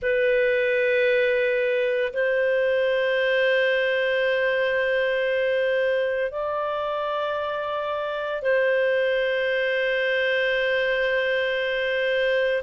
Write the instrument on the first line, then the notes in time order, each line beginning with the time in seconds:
clarinet
0.02 B4
2.13 C5
6.31 D5
8.42 C5